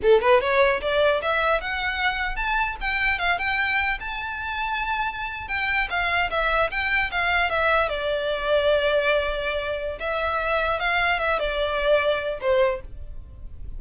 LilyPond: \new Staff \with { instrumentName = "violin" } { \time 4/4 \tempo 4 = 150 a'8 b'8 cis''4 d''4 e''4 | fis''2 a''4 g''4 | f''8 g''4. a''2~ | a''4.~ a''16 g''4 f''4 e''16~ |
e''8. g''4 f''4 e''4 d''16~ | d''1~ | d''4 e''2 f''4 | e''8 d''2~ d''8 c''4 | }